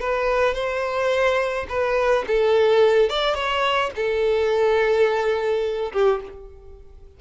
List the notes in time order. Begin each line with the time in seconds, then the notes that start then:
0.00 B4
0.54 C5
1.69 B4
2.27 A4
3.09 D5
3.35 C#5
3.96 A4
5.93 G4